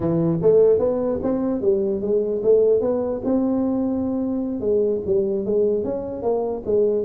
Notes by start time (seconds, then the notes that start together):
0.00 E3
0.42 A3
0.79 B3
1.22 C4
1.61 G3
2.01 G#3
2.43 A3
2.80 B3
3.24 C4
4.60 G#3
5.06 G3
5.45 G#3
5.84 C#4
6.22 A#3
6.65 G#3